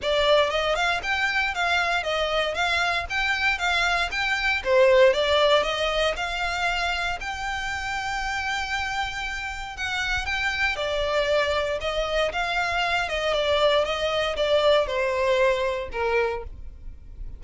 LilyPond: \new Staff \with { instrumentName = "violin" } { \time 4/4 \tempo 4 = 117 d''4 dis''8 f''8 g''4 f''4 | dis''4 f''4 g''4 f''4 | g''4 c''4 d''4 dis''4 | f''2 g''2~ |
g''2. fis''4 | g''4 d''2 dis''4 | f''4. dis''8 d''4 dis''4 | d''4 c''2 ais'4 | }